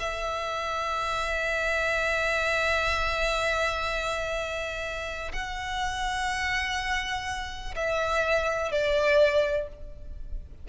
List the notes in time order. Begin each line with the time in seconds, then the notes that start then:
0.00 E5
5.33 F#5
7.76 E5
8.72 D5